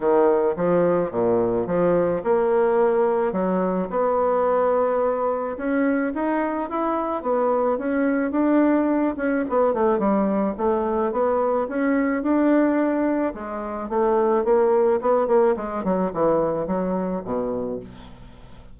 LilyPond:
\new Staff \with { instrumentName = "bassoon" } { \time 4/4 \tempo 4 = 108 dis4 f4 ais,4 f4 | ais2 fis4 b4~ | b2 cis'4 dis'4 | e'4 b4 cis'4 d'4~ |
d'8 cis'8 b8 a8 g4 a4 | b4 cis'4 d'2 | gis4 a4 ais4 b8 ais8 | gis8 fis8 e4 fis4 b,4 | }